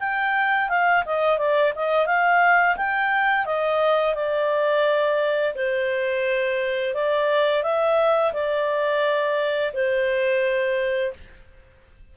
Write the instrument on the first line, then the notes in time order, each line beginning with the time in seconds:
clarinet
0.00 G5
0.69 F5
1.06 D#5
1.39 D5
1.76 D#5
2.07 F5
2.77 G5
3.46 D#5
4.15 D5
5.55 C5
6.95 D5
7.63 E5
8.33 D5
9.74 C5